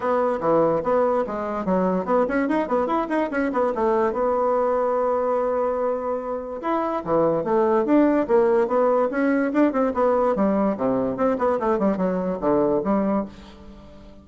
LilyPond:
\new Staff \with { instrumentName = "bassoon" } { \time 4/4 \tempo 4 = 145 b4 e4 b4 gis4 | fis4 b8 cis'8 dis'8 b8 e'8 dis'8 | cis'8 b8 a4 b2~ | b1 |
e'4 e4 a4 d'4 | ais4 b4 cis'4 d'8 c'8 | b4 g4 c4 c'8 b8 | a8 g8 fis4 d4 g4 | }